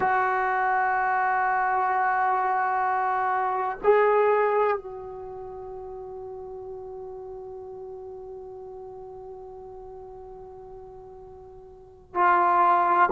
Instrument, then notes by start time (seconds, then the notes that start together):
trombone
0.00 F#4
3.84 G#4
4.77 F#4
12.14 F4